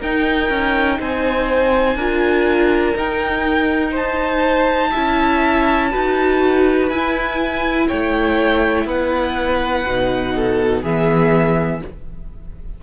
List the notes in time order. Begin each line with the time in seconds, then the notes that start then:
0.00 D#4 A#4 G5
0.50 C#4
1.00 C4 C5 G#5
1.96 D4 F4 A#4
2.96 D#4 G5
3.92 C5 A5
4.92 C#4 E4 E5
5.91 D#4 F#4 B4
6.90 E4 G#5
7.88 A3 C#5 G5
8.85 B3 B4 F#5
9.86 B2 D#4
10.36 A4
10.83 E3 B3 G#4 E5